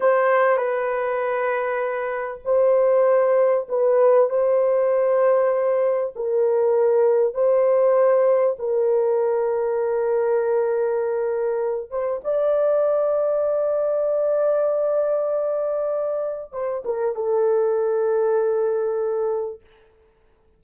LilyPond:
\new Staff \with { instrumentName = "horn" } { \time 4/4 \tempo 4 = 98 c''4 b'2. | c''2 b'4 c''4~ | c''2 ais'2 | c''2 ais'2~ |
ais'2.~ ais'8 c''8 | d''1~ | d''2. c''8 ais'8 | a'1 | }